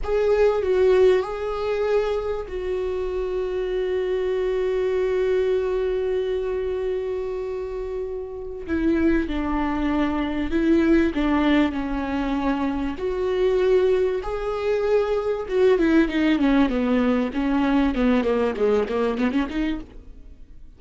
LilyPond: \new Staff \with { instrumentName = "viola" } { \time 4/4 \tempo 4 = 97 gis'4 fis'4 gis'2 | fis'1~ | fis'1~ | fis'2 e'4 d'4~ |
d'4 e'4 d'4 cis'4~ | cis'4 fis'2 gis'4~ | gis'4 fis'8 e'8 dis'8 cis'8 b4 | cis'4 b8 ais8 gis8 ais8 b16 cis'16 dis'8 | }